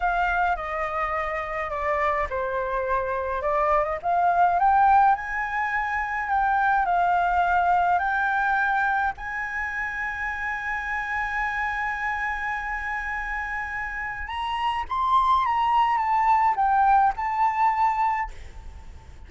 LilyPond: \new Staff \with { instrumentName = "flute" } { \time 4/4 \tempo 4 = 105 f''4 dis''2 d''4 | c''2 d''8. dis''16 f''4 | g''4 gis''2 g''4 | f''2 g''2 |
gis''1~ | gis''1~ | gis''4 ais''4 c'''4 ais''4 | a''4 g''4 a''2 | }